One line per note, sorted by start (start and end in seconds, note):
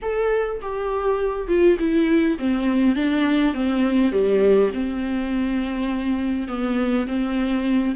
0.02 0.60 A4
0.61 1.47 G4
1.47 1.77 F4
1.79 2.37 E4
2.39 2.95 C4
2.95 3.54 D4
3.54 4.12 C4
4.12 4.71 G3
4.74 6.48 C4
6.48 7.06 B3
7.07 7.95 C4